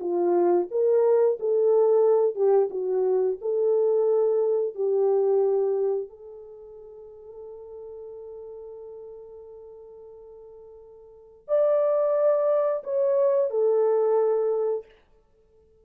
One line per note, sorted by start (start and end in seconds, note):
0.00 0.67 F4
0.70 1.38 A#4
1.39 2.35 A4
2.35 2.69 G4
2.70 3.37 F#4
3.41 4.75 A4
4.75 6.09 G4
6.09 11.48 A4
11.48 12.83 D5
12.83 13.50 C#5
13.50 14.85 A4